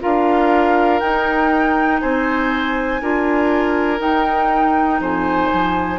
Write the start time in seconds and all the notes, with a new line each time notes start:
0.00 D4 F4 A#4 F5
1.00 D#4 G5
2.00 C4 C5 G#5
3.01 D4 F4 A#4
3.98 D#4 G5
4.99 F2 C5 G#5
5.53 F3